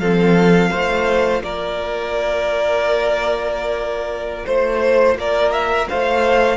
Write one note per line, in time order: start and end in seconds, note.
0.00 0.72 F3
0.00 0.73 C4
0.00 0.71 A4
0.00 1.43 F5
0.71 1.41 A3
0.71 6.57 F4
0.71 1.42 C5
1.41 4.45 A#3
1.41 4.46 A#4
1.41 4.46 D5
4.46 5.16 A3
4.46 5.18 C5
5.16 5.88 A#3
5.16 5.90 A#4
5.16 5.52 D5
5.52 5.88 E5
5.89 6.57 A3
5.89 6.57 C5
5.89 6.57 F5